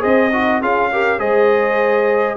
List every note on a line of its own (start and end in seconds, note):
0.00 0.62 C4
0.00 0.29 G#4
0.00 0.30 C5
0.00 0.61 D#5
0.32 0.61 D#4
0.32 0.62 F#4
0.61 1.19 C#4
0.61 0.91 F4
0.61 0.90 G#4
0.61 1.19 F5
0.92 1.19 G4
0.92 1.19 A#4
1.19 2.37 G#3
1.19 2.37 G#4
1.19 2.37 C5
1.19 2.37 D#5